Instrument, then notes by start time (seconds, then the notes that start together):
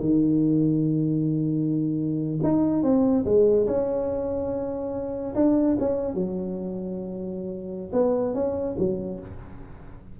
tuba
0.00 D#3
2.43 D#4
2.83 C4
3.25 G#3
3.67 C#4
5.35 D4
5.79 C#4
6.15 F#3
7.93 B3
8.34 C#4
8.78 F#3